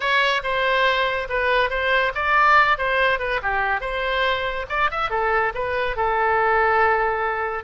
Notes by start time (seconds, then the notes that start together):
0.00 C#5
0.43 C5
1.29 B4
1.69 C5
2.14 D5
2.78 C5
3.19 B4
3.42 G4
3.80 C5
4.69 D5
4.91 E5
5.10 A4
5.54 B4
5.96 A4